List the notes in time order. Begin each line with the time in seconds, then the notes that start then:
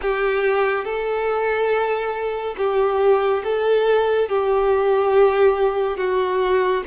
0.01 G4
0.84 A4
2.57 G4
3.43 A4
4.29 G4
5.97 F#4